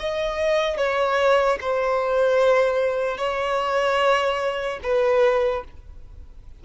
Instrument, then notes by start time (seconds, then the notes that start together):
violin
0.00 D#5
0.77 C#5
1.61 C5
3.18 C#5
4.83 B4